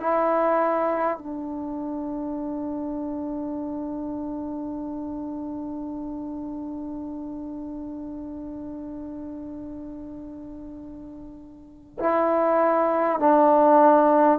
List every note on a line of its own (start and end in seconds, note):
0.00 1.18 E4
1.18 11.98 D4
12.00 13.19 E4
13.19 14.39 D4